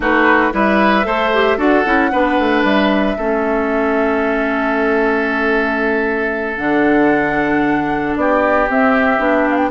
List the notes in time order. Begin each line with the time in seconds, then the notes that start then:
0.00 A3 D#4 F#4 B4
0.51 G3 E4 B4 E5
1.03 A3 A4 C5
1.33 G4
1.57 D4 F#4 A4 F#5
1.85 C#4 E4
2.11 B3 D4 B4
2.39 A3
2.62 G3 E5
3.17 A3 C#4 A4
6.57 D3 D4 F#5
8.16 B3 G4 D5
8.68 C4 E5
9.18 B3 D4
9.50 F5
9.56 G5